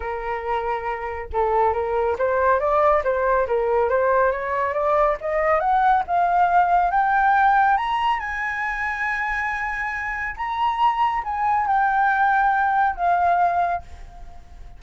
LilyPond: \new Staff \with { instrumentName = "flute" } { \time 4/4 \tempo 4 = 139 ais'2. a'4 | ais'4 c''4 d''4 c''4 | ais'4 c''4 cis''4 d''4 | dis''4 fis''4 f''2 |
g''2 ais''4 gis''4~ | gis''1 | ais''2 gis''4 g''4~ | g''2 f''2 | }